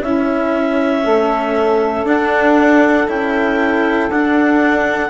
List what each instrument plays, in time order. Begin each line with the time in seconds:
0.00 bassoon C#4, cello C#4, saxophone E4, clarinet E5
1.04 bassoon A3, saxophone A4
2.03 bassoon D4, cello D4, clarinet F#5
3.07 bassoon C#4, cello E4, clarinet G5
4.09 bassoon D4, cello D4, clarinet F#5